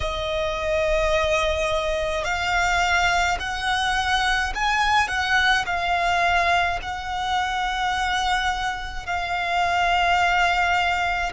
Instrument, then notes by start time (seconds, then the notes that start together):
violin
0.00 D#5
2.24 F5
3.39 F#5
4.54 G#5
5.08 F#5
5.66 F5
6.82 F#5
9.06 F5